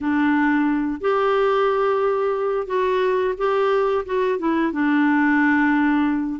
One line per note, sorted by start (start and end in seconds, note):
0.01 1.00 D4
1.00 2.66 G4
2.66 3.34 F#4
3.37 4.04 G4
4.05 4.38 F#4
4.38 4.72 E4
4.72 6.40 D4